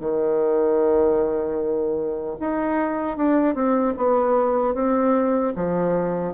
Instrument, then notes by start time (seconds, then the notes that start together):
bassoon
0.00 D#3
2.40 D#4
3.17 D4
3.55 C4
3.97 B3
4.75 C4
5.56 F3